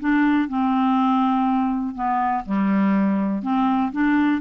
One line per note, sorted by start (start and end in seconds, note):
0.00 0.49 D4
0.49 1.95 C4
1.95 2.44 B3
2.45 3.43 G3
3.43 3.92 C4
3.92 4.41 D4